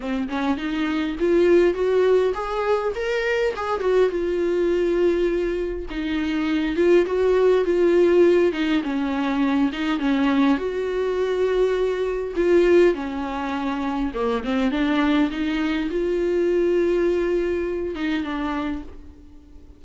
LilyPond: \new Staff \with { instrumentName = "viola" } { \time 4/4 \tempo 4 = 102 c'8 cis'8 dis'4 f'4 fis'4 | gis'4 ais'4 gis'8 fis'8 f'4~ | f'2 dis'4. f'8 | fis'4 f'4. dis'8 cis'4~ |
cis'8 dis'8 cis'4 fis'2~ | fis'4 f'4 cis'2 | ais8 c'8 d'4 dis'4 f'4~ | f'2~ f'8 dis'8 d'4 | }